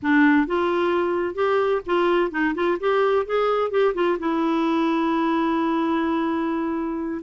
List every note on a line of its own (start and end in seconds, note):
0.02 0.47 D4
0.47 1.35 F4
1.35 1.81 G4
1.86 2.31 F4
2.31 2.54 D#4
2.55 2.78 F4
2.79 3.26 G4
3.26 3.70 G#4
3.70 3.93 G4
3.94 4.17 F4
4.19 7.21 E4